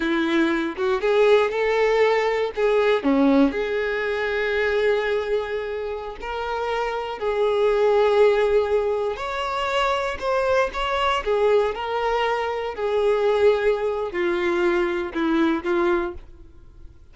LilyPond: \new Staff \with { instrumentName = "violin" } { \time 4/4 \tempo 4 = 119 e'4. fis'8 gis'4 a'4~ | a'4 gis'4 cis'4 gis'4~ | gis'1~ | gis'16 ais'2 gis'4.~ gis'16~ |
gis'2~ gis'16 cis''4.~ cis''16~ | cis''16 c''4 cis''4 gis'4 ais'8.~ | ais'4~ ais'16 gis'2~ gis'8. | f'2 e'4 f'4 | }